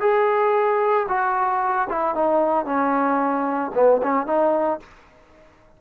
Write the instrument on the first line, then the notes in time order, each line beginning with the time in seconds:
trombone
0.00 G#4
1.08 F#4
1.88 E4
2.15 D#4
2.65 C#4
3.74 B3
4.02 C#4
4.26 D#4